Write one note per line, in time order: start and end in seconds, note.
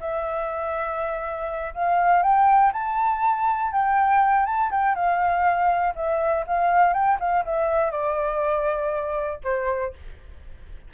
0.00 1.74 E5
1.74 2.22 F5
2.22 2.72 G5
2.72 3.71 A5
3.71 4.46 G5
4.46 4.70 A5
4.71 4.95 G5
4.95 5.94 F5
5.95 6.45 E5
6.47 6.93 F5
6.93 7.18 G5
7.19 7.44 F5
7.45 7.91 E5
7.91 9.39 D5
9.43 9.93 C5